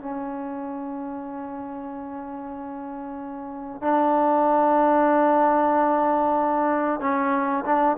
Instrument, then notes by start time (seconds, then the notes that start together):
trombone
0.00 C#4
3.82 D4
7.00 C#4
7.65 D4